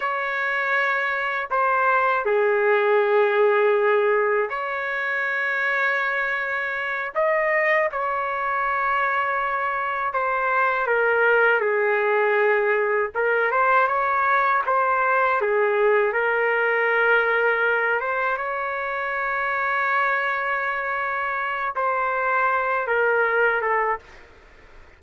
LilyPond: \new Staff \with { instrumentName = "trumpet" } { \time 4/4 \tempo 4 = 80 cis''2 c''4 gis'4~ | gis'2 cis''2~ | cis''4. dis''4 cis''4.~ | cis''4. c''4 ais'4 gis'8~ |
gis'4. ais'8 c''8 cis''4 c''8~ | c''8 gis'4 ais'2~ ais'8 | c''8 cis''2.~ cis''8~ | cis''4 c''4. ais'4 a'8 | }